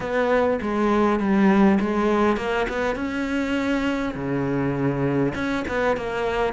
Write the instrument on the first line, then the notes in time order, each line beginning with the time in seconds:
cello
0.00 B3
0.61 G#3
1.19 G3
1.80 G#3
2.37 A#3
2.68 B3
2.95 C#4
4.14 C#3
5.34 C#4
5.68 B3
5.96 A#3